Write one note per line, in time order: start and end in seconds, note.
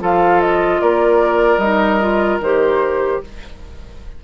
0.00 0.81 F3
0.00 1.60 F4
0.00 0.82 A4
0.00 0.41 F5
0.41 0.81 D#5
0.81 1.58 A#3
0.81 3.22 A#4
0.81 1.59 D5
1.58 2.38 G3
1.58 2.00 D#4
1.58 2.39 D#5
2.00 2.40 F4
2.40 3.20 D#3
2.40 3.24 G4
2.40 3.23 C5